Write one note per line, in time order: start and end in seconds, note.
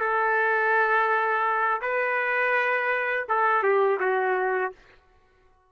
0.00 1.81 A4
1.81 3.26 B4
3.29 3.63 A4
3.63 3.99 G4
4.00 4.72 F#4